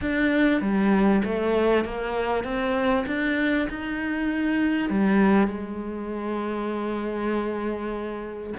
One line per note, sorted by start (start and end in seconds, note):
0.01 0.61 D4
0.61 1.22 G3
1.24 1.84 A3
1.84 2.44 A#3
2.44 3.05 C4
3.06 3.68 D4
3.69 4.89 D#4
4.89 5.47 G3
5.47 8.53 G#3